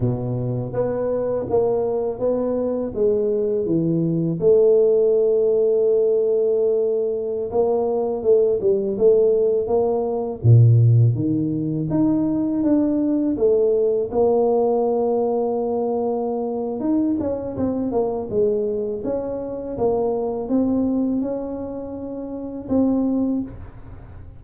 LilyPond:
\new Staff \with { instrumentName = "tuba" } { \time 4/4 \tempo 4 = 82 b,4 b4 ais4 b4 | gis4 e4 a2~ | a2~ a16 ais4 a8 g16~ | g16 a4 ais4 ais,4 dis8.~ |
dis16 dis'4 d'4 a4 ais8.~ | ais2. dis'8 cis'8 | c'8 ais8 gis4 cis'4 ais4 | c'4 cis'2 c'4 | }